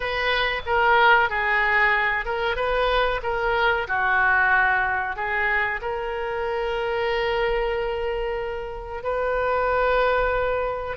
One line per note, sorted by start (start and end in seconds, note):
0.00 0.62 B4
0.65 1.29 A#4
1.29 2.25 G#4
2.25 2.56 A#4
2.56 3.20 B4
3.22 3.87 A#4
3.87 5.16 F#4
5.16 5.80 G#4
5.81 9.03 A#4
9.03 10.96 B4